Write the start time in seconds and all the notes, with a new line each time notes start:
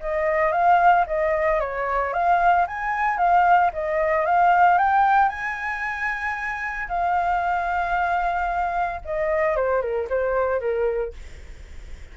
0.00 D#5
0.52 F5
1.06 D#5
1.60 C#5
2.13 F5
2.67 G#5
3.17 F5
3.73 D#5
4.25 F5
4.78 G5
5.29 G#5
6.88 F5
9.05 D#5
9.56 C5
9.81 A#4
10.09 C5
10.60 A#4